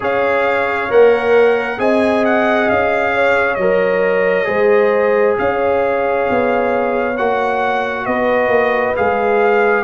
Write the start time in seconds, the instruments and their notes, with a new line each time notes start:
0.00 tuba C#4, trombone G#4, horn C#5, trumpet F5
0.89 tuba A#3, trombone A#4, trumpet F#5
1.78 tuba C4, trombone G#4, horn D#5, trumpet G#5
2.24 trumpet F#5
2.69 tuba C#4, trumpet F5
3.14 horn C#5
3.54 tuba F#3, trumpet D#5
3.60 trombone A#4
4.45 tuba G#3, trombone G#4, horn C5
5.38 tuba C#4, horn C#5, trumpet F5
6.29 tuba B3
7.17 tuba A#3, trombone F#4, trumpet F#5
8.05 tuba B3, horn B4, trumpet D#5
8.48 tuba A#3
8.96 tuba G#3, trombone G#4, trumpet F5